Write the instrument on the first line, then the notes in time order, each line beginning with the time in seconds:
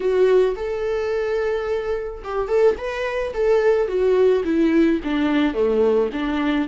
viola
0.00 F#4
0.56 A4
2.24 G4
2.48 A4
2.77 B4
3.33 A4
3.87 F#4
4.44 E4
5.04 D4
5.54 A3
6.12 D4